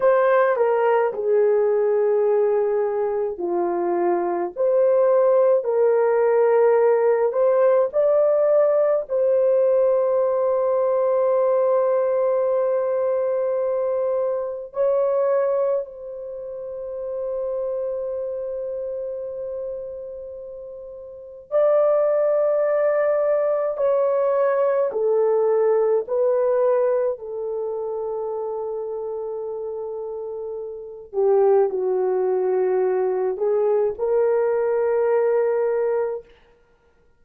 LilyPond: \new Staff \with { instrumentName = "horn" } { \time 4/4 \tempo 4 = 53 c''8 ais'8 gis'2 f'4 | c''4 ais'4. c''8 d''4 | c''1~ | c''4 cis''4 c''2~ |
c''2. d''4~ | d''4 cis''4 a'4 b'4 | a'2.~ a'8 g'8 | fis'4. gis'8 ais'2 | }